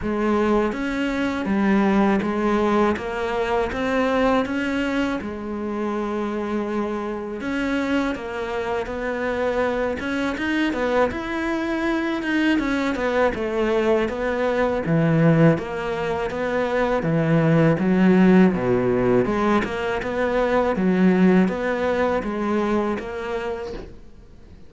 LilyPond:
\new Staff \with { instrumentName = "cello" } { \time 4/4 \tempo 4 = 81 gis4 cis'4 g4 gis4 | ais4 c'4 cis'4 gis4~ | gis2 cis'4 ais4 | b4. cis'8 dis'8 b8 e'4~ |
e'8 dis'8 cis'8 b8 a4 b4 | e4 ais4 b4 e4 | fis4 b,4 gis8 ais8 b4 | fis4 b4 gis4 ais4 | }